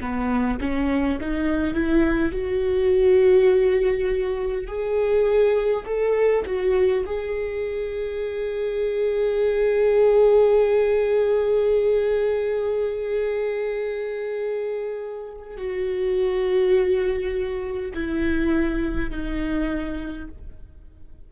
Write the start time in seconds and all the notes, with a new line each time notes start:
0.00 B3
0.60 C#4
1.20 D#4
1.74 E4
2.32 F#4
4.67 G#4
5.86 A4
6.46 F#4
7.05 G#4
15.57 F#4
17.94 E4
19.10 D#4